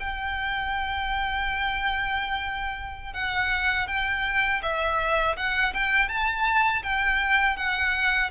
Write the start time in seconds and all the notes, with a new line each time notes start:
0.00 G5
3.13 F#5
3.88 G5
4.62 E5
5.36 F#5
5.74 G5
6.09 A5
6.83 G5
7.57 F#5